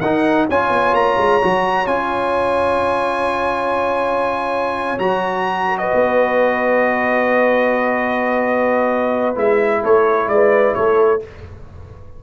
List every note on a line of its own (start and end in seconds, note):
0.00 0.48 D#4
0.00 0.50 D#4
0.00 0.47 A#4
0.00 0.46 F#5
0.49 0.70 C#4
0.49 1.42 F4
0.49 5.67 C#5
0.49 0.95 G#5
0.70 0.93 B3
0.94 1.17 A#3
0.94 1.87 A#5
1.17 1.40 G#3
1.42 1.86 F#3
1.42 1.87 F#4
1.86 4.98 C#4
1.86 4.98 F4
1.86 4.98 G#5
4.98 5.91 F#3
4.98 9.35 F#4
4.98 5.78 A#5
5.67 5.79 A#4
5.78 9.83 B4
5.78 9.36 D#5
5.94 9.36 B3
9.35 9.82 G#3
9.35 11.20 E4
9.35 9.84 E5
9.83 10.28 A3
9.83 10.29 A4
9.83 10.29 C#5
10.28 10.74 G#3
10.28 10.75 D5
10.34 10.77 B4
10.75 11.23 A3
10.75 11.23 A4
10.75 11.21 C#5